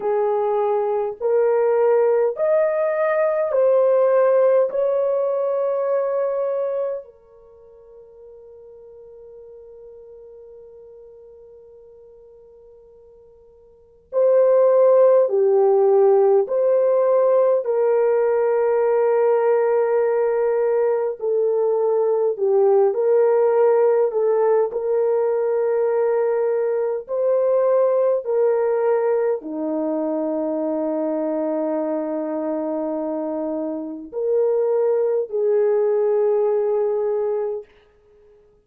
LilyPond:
\new Staff \with { instrumentName = "horn" } { \time 4/4 \tempo 4 = 51 gis'4 ais'4 dis''4 c''4 | cis''2 ais'2~ | ais'1 | c''4 g'4 c''4 ais'4~ |
ais'2 a'4 g'8 ais'8~ | ais'8 a'8 ais'2 c''4 | ais'4 dis'2.~ | dis'4 ais'4 gis'2 | }